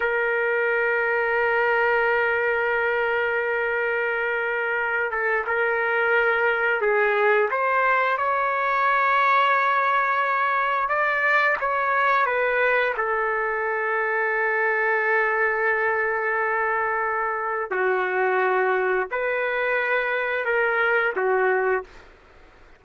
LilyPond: \new Staff \with { instrumentName = "trumpet" } { \time 4/4 \tempo 4 = 88 ais'1~ | ais'2.~ ais'8 a'8 | ais'2 gis'4 c''4 | cis''1 |
d''4 cis''4 b'4 a'4~ | a'1~ | a'2 fis'2 | b'2 ais'4 fis'4 | }